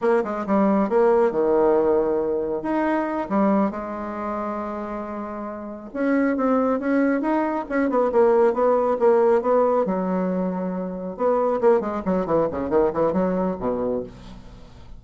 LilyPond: \new Staff \with { instrumentName = "bassoon" } { \time 4/4 \tempo 4 = 137 ais8 gis8 g4 ais4 dis4~ | dis2 dis'4. g8~ | g8 gis2.~ gis8~ | gis4. cis'4 c'4 cis'8~ |
cis'8 dis'4 cis'8 b8 ais4 b8~ | b8 ais4 b4 fis4.~ | fis4. b4 ais8 gis8 fis8 | e8 cis8 dis8 e8 fis4 b,4 | }